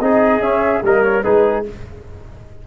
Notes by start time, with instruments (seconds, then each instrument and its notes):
0.00 tuba C4, trombone D#4, trumpet G#4, flute D#5
0.40 tuba C#4, trombone C#4, flute E5
0.83 tuba G3, trombone A#3, trumpet A#4, flute D#5
1.02 flute C#5
1.22 tuba G#3, trombone D#4, trumpet G#4, flute B4